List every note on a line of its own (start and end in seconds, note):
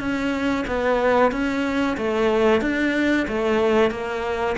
0.00 0.65 C#4
0.68 1.32 B3
1.32 1.97 C#4
1.98 2.62 A3
2.62 3.27 D4
3.28 3.91 A3
3.91 4.56 A#3